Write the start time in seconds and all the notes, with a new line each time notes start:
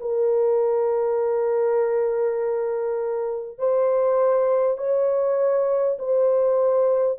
0.00 A#4
3.58 C5
4.77 C#5
5.99 C5